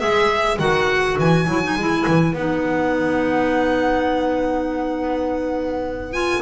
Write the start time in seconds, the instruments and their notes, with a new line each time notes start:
0.00 double bass G#3, clarinet G#4, trumpet B4, violin E5
0.59 double bass D#3, clarinet F#4, violin F#5
1.19 double bass E3, violin G#5
1.47 double bass F#3, clarinet E4
1.63 clarinet D#4
1.76 double bass G#3, clarinet E4
2.08 double bass E3
2.33 double bass B3, clarinet D#4, violin F#5
6.13 clarinet F4, violin G#5